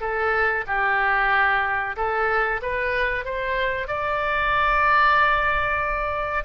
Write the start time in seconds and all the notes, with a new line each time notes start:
0.00 A4
0.67 G4
1.96 A4
2.62 B4
3.25 C5
3.88 D5